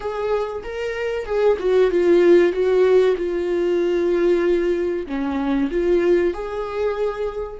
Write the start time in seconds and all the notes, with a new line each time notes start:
0.00 G#4
0.63 A#4
1.25 G#4
1.59 F#4
1.90 F4
2.52 F#4
3.17 F4
5.07 C#4
5.70 F4
6.33 G#4